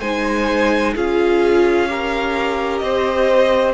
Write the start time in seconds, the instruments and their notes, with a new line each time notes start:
0.00 cello G#3, viola D#4, violin C5 G#5
0.95 cello C#4, viola F4, violin G#4 F5
1.88 viola G4, violin A#4
2.78 cello C4, violin C5 D#5